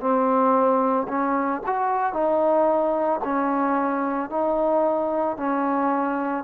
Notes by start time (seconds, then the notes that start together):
0.00 C4
1.08 C#4
1.66 F#4
2.13 D#4
3.24 C#4
4.30 D#4
5.37 C#4